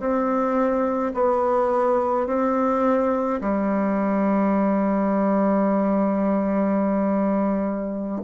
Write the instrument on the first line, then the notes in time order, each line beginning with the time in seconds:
bassoon
0.00 C4
1.14 B3
2.27 C4
3.41 G3